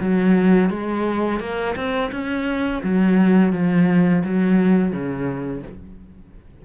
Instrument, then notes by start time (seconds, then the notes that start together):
cello
0.00 F#3
0.70 G#3
1.40 A#3
1.76 C4
2.11 C#4
2.83 F#3
3.52 F3
4.24 F#3
4.92 C#3